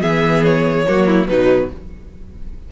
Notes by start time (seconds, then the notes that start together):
0.00 E3 B3 G#4 E5
0.44 C#5
0.87 F#3 A#3 F#4
1.06 E4
1.27 B2 F#3 D#4 B4